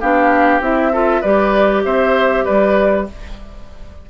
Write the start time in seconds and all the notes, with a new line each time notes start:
0.00 B3 D4 G4 F5
0.60 C4 E4 E5
0.92 F4 A4
1.21 G3 G4 B4 D5
1.84 C4 C5 E5
2.44 G3 B4 D5